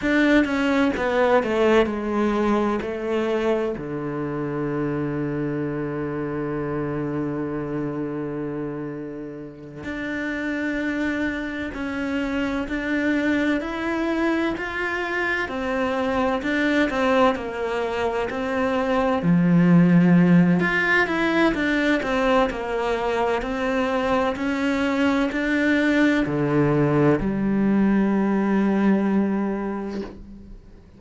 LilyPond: \new Staff \with { instrumentName = "cello" } { \time 4/4 \tempo 4 = 64 d'8 cis'8 b8 a8 gis4 a4 | d1~ | d2~ d8 d'4.~ | d'8 cis'4 d'4 e'4 f'8~ |
f'8 c'4 d'8 c'8 ais4 c'8~ | c'8 f4. f'8 e'8 d'8 c'8 | ais4 c'4 cis'4 d'4 | d4 g2. | }